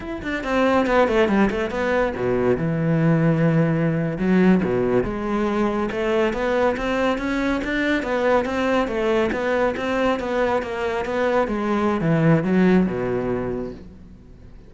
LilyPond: \new Staff \with { instrumentName = "cello" } { \time 4/4 \tempo 4 = 140 e'8 d'8 c'4 b8 a8 g8 a8 | b4 b,4 e2~ | e4.~ e16 fis4 b,4 gis16~ | gis4.~ gis16 a4 b4 c'16~ |
c'8. cis'4 d'4 b4 c'16~ | c'8. a4 b4 c'4 b16~ | b8. ais4 b4 gis4~ gis16 | e4 fis4 b,2 | }